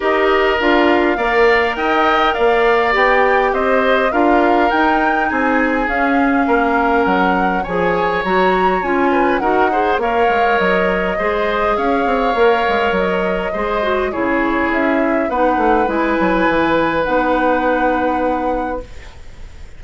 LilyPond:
<<
  \new Staff \with { instrumentName = "flute" } { \time 4/4 \tempo 4 = 102 dis''4 f''2 g''4 | f''4 g''4 dis''4 f''4 | g''4 gis''4 f''2 | fis''4 gis''4 ais''4 gis''4 |
fis''4 f''4 dis''2 | f''2 dis''2 | cis''4 e''4 fis''4 gis''4~ | gis''4 fis''2. | }
  \new Staff \with { instrumentName = "oboe" } { \time 4/4 ais'2 d''4 dis''4 | d''2 c''4 ais'4~ | ais'4 gis'2 ais'4~ | ais'4 cis''2~ cis''8 b'8 |
ais'8 c''8 cis''2 c''4 | cis''2. c''4 | gis'2 b'2~ | b'1 | }
  \new Staff \with { instrumentName = "clarinet" } { \time 4/4 g'4 f'4 ais'2~ | ais'4 g'2 f'4 | dis'2 cis'2~ | cis'4 gis'4 fis'4 f'4 |
fis'8 gis'8 ais'2 gis'4~ | gis'4 ais'2 gis'8 fis'8 | e'2 dis'4 e'4~ | e'4 dis'2. | }
  \new Staff \with { instrumentName = "bassoon" } { \time 4/4 dis'4 d'4 ais4 dis'4 | ais4 b4 c'4 d'4 | dis'4 c'4 cis'4 ais4 | fis4 f4 fis4 cis'4 |
dis'4 ais8 gis8 fis4 gis4 | cis'8 c'8 ais8 gis8 fis4 gis4 | cis4 cis'4 b8 a8 gis8 fis8 | e4 b2. | }
>>